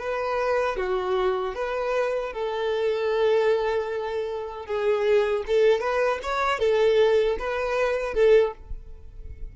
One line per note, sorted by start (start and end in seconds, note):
0.00 0.77 B4
0.77 1.55 F#4
1.55 2.33 B4
2.33 4.66 A4
4.66 5.44 G#4
5.47 5.81 A4
5.81 6.19 B4
6.23 6.60 C#5
6.60 7.37 A4
7.39 8.14 B4
8.14 8.53 A4